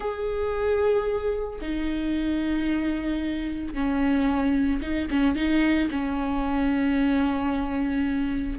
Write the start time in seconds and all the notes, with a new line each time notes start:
0.00 G#4
1.61 D#4
3.74 C#4
4.81 D#4
5.10 C#4
5.35 D#4
5.91 C#4